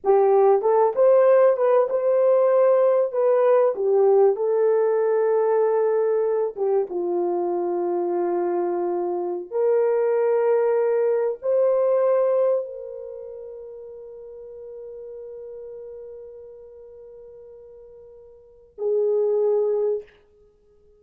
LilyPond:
\new Staff \with { instrumentName = "horn" } { \time 4/4 \tempo 4 = 96 g'4 a'8 c''4 b'8 c''4~ | c''4 b'4 g'4 a'4~ | a'2~ a'8 g'8 f'4~ | f'2.~ f'16 ais'8.~ |
ais'2~ ais'16 c''4.~ c''16~ | c''16 ais'2.~ ais'8.~ | ais'1~ | ais'2 gis'2 | }